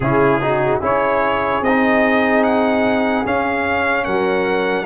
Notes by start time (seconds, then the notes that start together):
0.00 C#3 C#4 E4 G#4
0.41 D#4 F#4
0.79 C#4 E4 G#4 C#5
1.61 C4 D#5
1.67 D#4
2.43 F#5
3.24 C#4 F5
4.04 F#3 A#4 F#5